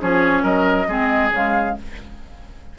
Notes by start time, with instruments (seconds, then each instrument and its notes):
0.00 bassoon F3, clarinet C#4, oboe G#4, flute C#5
0.43 bassoon F#3, oboe A#4, flute D#5
0.88 bassoon G#3, clarinet C4, oboe G#4
1.31 bassoon C#3, clarinet G#3, flute F5